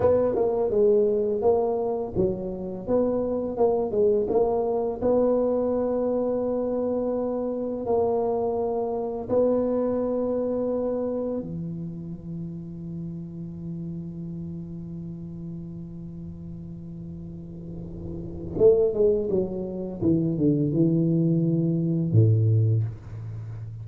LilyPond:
\new Staff \with { instrumentName = "tuba" } { \time 4/4 \tempo 4 = 84 b8 ais8 gis4 ais4 fis4 | b4 ais8 gis8 ais4 b4~ | b2. ais4~ | ais4 b2. |
e1~ | e1~ | e2 a8 gis8 fis4 | e8 d8 e2 a,4 | }